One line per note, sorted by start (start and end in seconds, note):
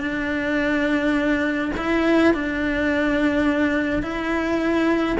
0.00 1.71 D4
1.77 2.34 E4
2.34 4.03 D4
4.03 5.17 E4